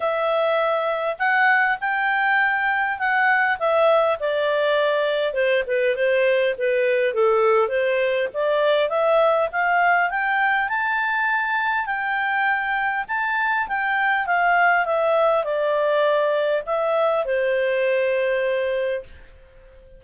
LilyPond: \new Staff \with { instrumentName = "clarinet" } { \time 4/4 \tempo 4 = 101 e''2 fis''4 g''4~ | g''4 fis''4 e''4 d''4~ | d''4 c''8 b'8 c''4 b'4 | a'4 c''4 d''4 e''4 |
f''4 g''4 a''2 | g''2 a''4 g''4 | f''4 e''4 d''2 | e''4 c''2. | }